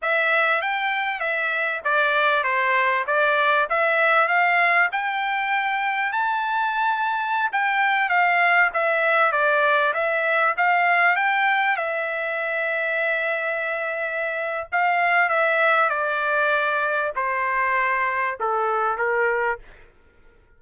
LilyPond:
\new Staff \with { instrumentName = "trumpet" } { \time 4/4 \tempo 4 = 98 e''4 g''4 e''4 d''4 | c''4 d''4 e''4 f''4 | g''2 a''2~ | a''16 g''4 f''4 e''4 d''8.~ |
d''16 e''4 f''4 g''4 e''8.~ | e''1 | f''4 e''4 d''2 | c''2 a'4 ais'4 | }